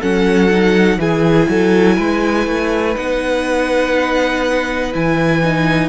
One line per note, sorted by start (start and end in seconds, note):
0.00 0.98 F#3
0.00 0.50 C#4
0.00 0.98 A4
0.00 1.01 F#5
0.50 1.00 D#4
0.98 1.47 E3
0.98 2.96 E4
0.98 1.50 G#4
0.98 2.97 G#5
1.49 1.98 F#3
1.49 1.97 A4
1.97 2.47 G#3
1.97 5.89 B4
2.47 2.96 A3
2.96 4.94 B3
2.96 4.93 D#4
2.96 4.93 F#5
4.93 5.89 E3
4.93 5.42 E4
4.93 5.89 G#5
5.42 5.89 D#4